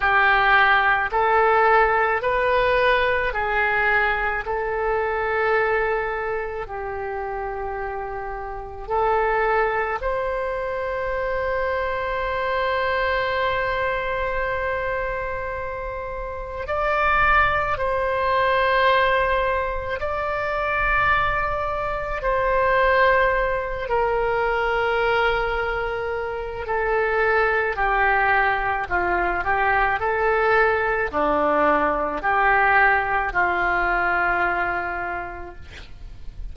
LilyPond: \new Staff \with { instrumentName = "oboe" } { \time 4/4 \tempo 4 = 54 g'4 a'4 b'4 gis'4 | a'2 g'2 | a'4 c''2.~ | c''2. d''4 |
c''2 d''2 | c''4. ais'2~ ais'8 | a'4 g'4 f'8 g'8 a'4 | d'4 g'4 f'2 | }